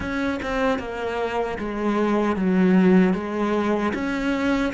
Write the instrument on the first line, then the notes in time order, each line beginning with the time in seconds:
cello
0.00 C#4
0.42 C4
0.79 A#3
1.58 G#3
2.35 F#3
3.13 G#3
3.93 C#4